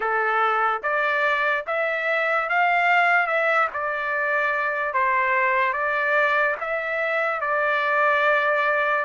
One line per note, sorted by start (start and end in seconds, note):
0.00 0.81 A4
0.82 1.64 D5
1.67 2.49 E5
2.49 3.27 F5
3.27 3.68 E5
3.72 4.93 D5
4.93 5.73 C5
5.73 6.55 D5
6.60 7.40 E5
7.40 9.04 D5